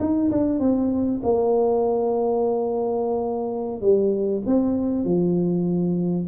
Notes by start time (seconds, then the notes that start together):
0.00 D#4
0.31 D4
0.60 C4
1.23 A#3
3.81 G3
4.46 C4
5.05 F3